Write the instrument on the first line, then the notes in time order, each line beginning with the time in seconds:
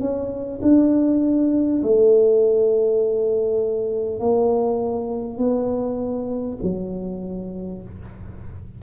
tuba
0.00 C#4
0.62 D4
1.83 A3
4.19 A#3
5.38 B3
6.63 F#3